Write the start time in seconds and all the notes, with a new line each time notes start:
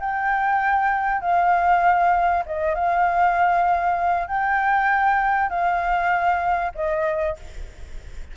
0.00 G5
1.21 F5
2.46 D#5
2.75 F5
4.28 G5
5.50 F5
6.75 D#5